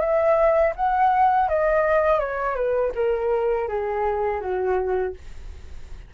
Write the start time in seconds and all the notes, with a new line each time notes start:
0.00 E5
0.75 F#5
1.48 D#5
2.19 C#5
2.55 B4
2.95 A#4
3.68 G#4
4.40 F#4